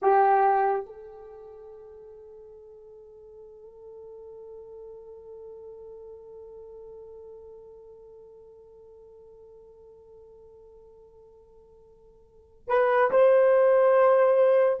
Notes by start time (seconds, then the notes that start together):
0.02 G4
0.86 A4
12.68 B4
13.10 C5